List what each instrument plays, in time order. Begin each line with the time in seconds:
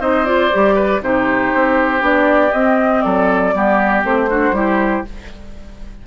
0.00 bassoon C4, clarinet D#4, oboe C5, flute D#5
0.25 clarinet F4, flute D5
0.52 bassoon G3, clarinet G4
0.75 oboe B4
1.01 bassoon C3, clarinet D#4, oboe G4, flute C5
1.54 bassoon C4
1.99 bassoon B3, clarinet D4, flute D5
2.52 bassoon C4, clarinet C4, flute D#5
3.02 bassoon F#3, oboe A4, flute D5
3.53 bassoon G3, clarinet B3, oboe G4
4.03 bassoon A3, clarinet C4, flute C5
4.30 clarinet D4, oboe F#4
4.51 bassoon G3, clarinet E4, oboe G4